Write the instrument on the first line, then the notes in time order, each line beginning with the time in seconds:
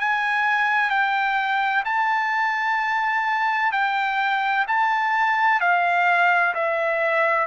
trumpet
0.00 G#5
0.90 G5
1.85 A5
3.72 G5
4.67 A5
5.60 F5
6.55 E5